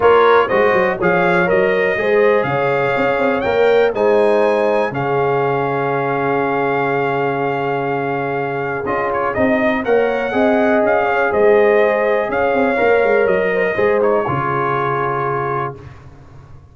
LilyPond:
<<
  \new Staff \with { instrumentName = "trumpet" } { \time 4/4 \tempo 4 = 122 cis''4 dis''4 f''4 dis''4~ | dis''4 f''2 g''4 | gis''2 f''2~ | f''1~ |
f''2 dis''8 cis''8 dis''4 | fis''2 f''4 dis''4~ | dis''4 f''2 dis''4~ | dis''8 cis''2.~ cis''8 | }
  \new Staff \with { instrumentName = "horn" } { \time 4/4 ais'4 c''4 cis''2 | c''4 cis''2. | c''2 gis'2~ | gis'1~ |
gis'1 | cis''4 dis''4. cis''8 c''4~ | c''4 cis''2~ cis''8 c''16 ais'16 | c''4 gis'2. | }
  \new Staff \with { instrumentName = "trombone" } { \time 4/4 f'4 fis'4 gis'4 ais'4 | gis'2. ais'4 | dis'2 cis'2~ | cis'1~ |
cis'2 f'4 dis'4 | ais'4 gis'2.~ | gis'2 ais'2 | gis'8 dis'8 f'2. | }
  \new Staff \with { instrumentName = "tuba" } { \time 4/4 ais4 gis8 fis8 f4 fis4 | gis4 cis4 cis'8 c'8 ais4 | gis2 cis2~ | cis1~ |
cis2 cis'4 c'4 | ais4 c'4 cis'4 gis4~ | gis4 cis'8 c'8 ais8 gis8 fis4 | gis4 cis2. | }
>>